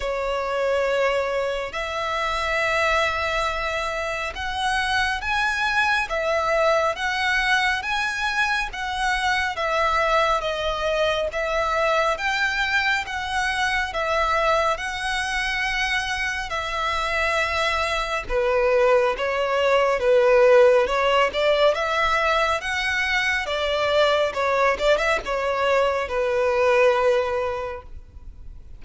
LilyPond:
\new Staff \with { instrumentName = "violin" } { \time 4/4 \tempo 4 = 69 cis''2 e''2~ | e''4 fis''4 gis''4 e''4 | fis''4 gis''4 fis''4 e''4 | dis''4 e''4 g''4 fis''4 |
e''4 fis''2 e''4~ | e''4 b'4 cis''4 b'4 | cis''8 d''8 e''4 fis''4 d''4 | cis''8 d''16 e''16 cis''4 b'2 | }